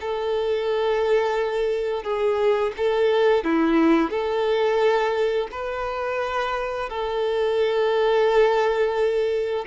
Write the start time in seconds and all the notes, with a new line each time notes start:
0.00 A4
2.03 G#4
2.76 A4
3.44 E4
4.10 A4
5.51 B4
6.89 A4